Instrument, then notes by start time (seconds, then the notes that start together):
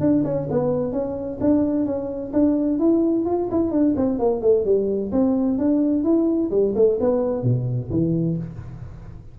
tuba
0.00 D4
0.24 C#4
0.50 B3
0.92 C#4
1.41 D4
1.86 C#4
2.33 D4
2.79 E4
3.25 F4
3.51 E4
3.71 D4
3.96 C4
4.19 A#3
4.41 A3
4.65 G3
5.11 C4
5.58 D4
6.04 E4
6.51 G3
6.75 A3
7.00 B3
7.43 B2
7.90 E3